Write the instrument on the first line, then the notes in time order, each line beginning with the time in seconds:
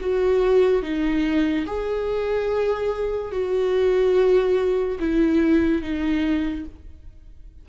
viola
0.00 F#4
0.82 D#4
1.66 G#4
3.31 F#4
4.99 E4
5.81 D#4